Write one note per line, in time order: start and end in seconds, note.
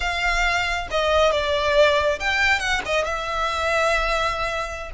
0.00 0.87 F5
0.90 1.31 D#5
1.31 2.19 D5
2.19 2.59 G5
2.59 2.81 F#5
2.85 3.04 D#5
3.04 4.91 E5